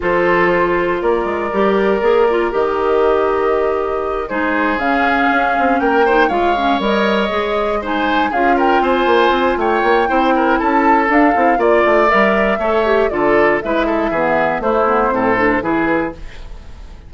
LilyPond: <<
  \new Staff \with { instrumentName = "flute" } { \time 4/4 \tempo 4 = 119 c''2 d''2~ | d''4 dis''2.~ | dis''8 c''4 f''2 g''8~ | g''8 f''4 dis''2 gis''8~ |
gis''8 f''8 g''8 gis''4. g''4~ | g''4 a''4 f''4 d''4 | e''2 d''4 e''4~ | e''4 c''2 b'4 | }
  \new Staff \with { instrumentName = "oboe" } { \time 4/4 a'2 ais'2~ | ais'1~ | ais'8 gis'2. ais'8 | c''8 cis''2. c''8~ |
c''8 gis'8 ais'8 c''4. cis''4 | c''8 ais'8 a'2 d''4~ | d''4 cis''4 a'4 b'8 a'8 | gis'4 e'4 a'4 gis'4 | }
  \new Staff \with { instrumentName = "clarinet" } { \time 4/4 f'2. g'4 | gis'8 f'8 g'2.~ | g'8 dis'4 cis'2~ cis'8 | dis'8 f'8 cis'8 ais'4 gis'4 dis'8~ |
dis'8 f'2.~ f'8 | e'2 d'8 e'8 f'4 | ais'4 a'8 g'8 f'4 e'4 | b4 a8 b8 c'8 d'8 e'4 | }
  \new Staff \with { instrumentName = "bassoon" } { \time 4/4 f2 ais8 gis8 g4 | ais4 dis2.~ | dis8 gis4 cis4 cis'8 c'8 ais8~ | ais8 gis4 g4 gis4.~ |
gis8 cis'4 c'8 ais8 c'8 a8 ais8 | c'4 cis'4 d'8 c'8 ais8 a8 | g4 a4 d4 gis4 | e4 a4 a,4 e4 | }
>>